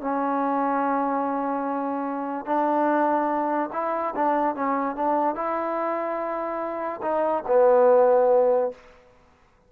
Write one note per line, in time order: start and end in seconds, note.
0.00 2.45 C#4
2.45 3.70 D4
3.73 4.14 E4
4.15 4.55 D4
4.55 4.95 C#4
4.95 5.35 D4
5.35 7.00 E4
7.02 7.43 D#4
7.47 8.71 B3